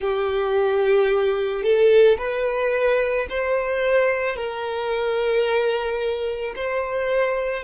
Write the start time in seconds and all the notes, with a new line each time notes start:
0.00 G4
1.63 A4
2.18 B4
3.29 C5
4.35 A#4
6.55 C5